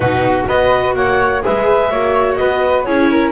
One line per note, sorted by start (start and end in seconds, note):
0.00 0.43 B2
0.00 0.48 D#4
0.00 0.47 F#4
0.00 0.46 B4
0.47 0.95 B3
0.47 1.42 F#4
0.47 0.95 B4
0.47 0.95 D#5
0.95 1.43 A#3
0.95 1.43 C#5
0.95 1.42 F#5
1.42 1.91 G#3
1.42 1.90 G#4
1.42 1.91 B4
1.42 2.35 E5
1.91 2.38 A#3
1.91 2.86 F#4
1.91 2.38 C#5
2.35 2.86 B3
2.35 2.85 B4
2.35 2.83 D#5
2.83 3.31 C#4
2.83 3.31 E4
2.83 3.09 G#4
2.83 3.31 C#5
3.10 3.31 A#4